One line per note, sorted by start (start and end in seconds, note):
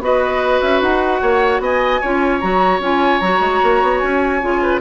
0.00 0.60 B3
0.00 2.01 F#4
0.00 1.21 B4
0.00 0.61 D#5
0.61 0.81 C#4
0.61 0.81 E5
0.81 1.21 D#4
0.81 1.62 F#5
1.21 1.59 A#3
1.21 1.61 C#5
1.59 1.99 B3
1.59 2.01 D#5
1.59 2.40 G#5
2.01 2.42 C#4
2.01 2.41 F4
2.01 4.61 C#5
2.40 2.79 F#3
2.40 2.81 F#4
2.40 2.80 A#5
2.79 3.19 C#4
2.79 3.22 F4
2.79 3.20 G#5
3.20 3.40 F#3
3.20 4.41 F#4
3.20 3.98 A#5
3.40 3.60 G#3
3.63 3.82 A#3
3.82 4.02 B3
3.98 4.42 C#4
3.98 4.78 G#5
4.41 4.81 C#3
4.41 4.81 F4
4.62 4.81 B4